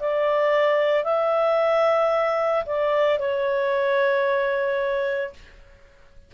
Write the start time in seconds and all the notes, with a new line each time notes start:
0.00 D5
1.04 E5
2.66 D5
3.19 C#5